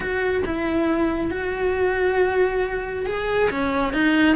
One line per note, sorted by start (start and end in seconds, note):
0.00 0.43 F#4
0.45 1.30 E4
1.30 3.06 F#4
3.06 3.50 G#4
3.50 3.93 C#4
3.93 4.36 D#4